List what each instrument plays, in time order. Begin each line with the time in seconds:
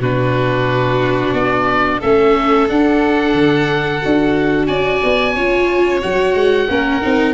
0.00 tuba B2, viola D4, violin F#4, oboe B4
1.33 tuba B3, oboe D5
2.00 tuba A3, viola C#4, violin A4, oboe E5
2.68 viola D4, tuba D4, oboe F#5
3.34 tuba D3
4.02 tuba D4, viola F#4
4.67 tuba C#4, violin D5, oboe G#5
5.04 tuba B3
5.35 tuba C#4, viola F4, violin C#5
6.01 tuba F#3, viola F#4, oboe F#5
6.35 tuba G#3
6.69 tuba A#3, viola C#4, violin A#4
7.02 tuba C4, viola D#4